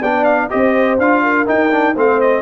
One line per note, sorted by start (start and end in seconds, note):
0.00 0.49 B3
0.00 0.50 D4
0.00 0.48 D5
0.00 0.24 G5
0.24 0.48 F5
0.50 0.99 C4
0.50 0.98 G4
0.50 1.22 C5
0.50 0.98 D#5
0.99 1.47 D4
0.99 1.46 F4
0.99 1.47 F5
1.22 1.94 A#4
1.46 1.70 D#4
1.46 1.96 D#4
1.46 1.96 G5
1.70 1.94 D4
1.94 2.42 A3
1.94 2.42 C4
1.94 2.42 C5
1.94 2.20 F5
2.20 2.42 D#5